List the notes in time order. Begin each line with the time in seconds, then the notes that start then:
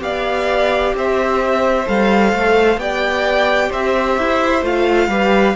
0.00 B3 G4 D5 F5
0.94 C4 C5 E5
1.86 G3 A4 F5
2.33 A3
2.77 B3 G4 D5 G5
3.70 C4 C5 E5
4.18 E4
4.62 A3 F4 F5
5.08 G3 G4 B4